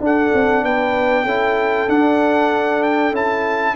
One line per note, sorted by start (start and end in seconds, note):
0.00 0.31 D4
0.00 1.26 D4
0.00 0.64 A4
0.00 0.64 F#5
0.34 0.63 C4
0.63 1.25 B3
0.63 1.24 B4
0.63 1.89 G5
1.24 1.87 C#4
1.24 1.88 E4
1.24 3.74 A4
1.88 3.13 D4
1.88 3.12 D4
1.88 2.83 F#5
2.83 3.14 G5
3.12 3.74 C#4
3.12 3.75 E4
3.12 3.76 A5